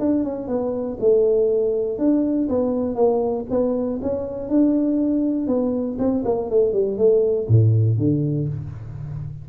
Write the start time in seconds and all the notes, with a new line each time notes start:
0.00 D4
0.24 C#4
0.48 B3
1.01 A3
1.99 D4
2.49 B3
2.96 A#3
3.50 B3
4.02 C#4
4.50 D4
5.47 B3
5.99 C4
6.25 A#3
6.50 A3
6.73 G3
6.98 A3
7.49 A2
7.99 D3